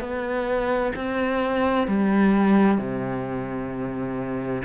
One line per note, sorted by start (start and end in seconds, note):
0.00 0.92 B3
0.95 1.87 C4
1.87 2.78 G3
2.78 4.62 C3